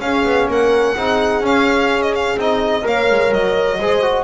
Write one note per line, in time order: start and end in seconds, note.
0.00 0.24 C#4
0.00 0.96 C#4
0.00 0.50 G#4
0.00 0.48 F5
0.24 0.48 B3
0.48 0.95 A#3
0.48 0.96 A#4
0.48 1.45 F#5
0.96 1.41 C4
0.96 1.44 D#4
0.96 2.85 G#4
1.41 2.35 C#4
1.41 2.38 C#4
1.41 2.02 F5
2.02 2.14 D#5
2.15 2.39 F5
2.37 2.84 C4
2.37 2.82 D#4
2.37 2.87 D#5
2.82 3.10 A#3
2.82 3.76 A#4
2.82 3.80 C#5
2.82 3.33 F5
3.10 3.31 G#3
3.31 3.79 F#3
3.31 4.24 D#5
3.79 4.24 G#3
3.79 4.02 G#4
3.79 4.24 C5
4.02 4.24 F#4